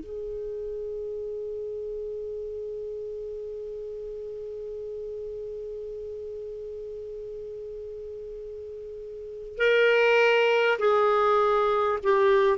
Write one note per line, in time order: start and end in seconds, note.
0.00 9.58 G#4
9.58 10.78 A#4
10.79 11.99 G#4
12.03 12.58 G4